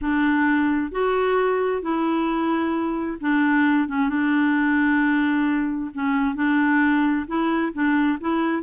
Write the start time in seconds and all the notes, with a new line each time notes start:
0.01 D4
0.91 F#4
1.82 E4
3.20 D4
3.88 C#4
4.09 D4
5.94 C#4
6.35 D4
7.27 E4
7.73 D4
8.20 E4